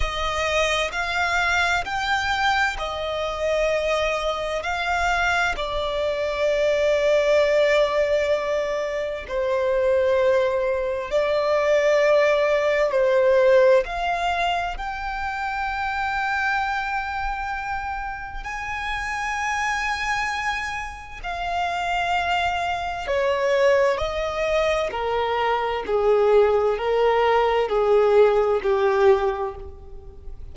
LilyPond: \new Staff \with { instrumentName = "violin" } { \time 4/4 \tempo 4 = 65 dis''4 f''4 g''4 dis''4~ | dis''4 f''4 d''2~ | d''2 c''2 | d''2 c''4 f''4 |
g''1 | gis''2. f''4~ | f''4 cis''4 dis''4 ais'4 | gis'4 ais'4 gis'4 g'4 | }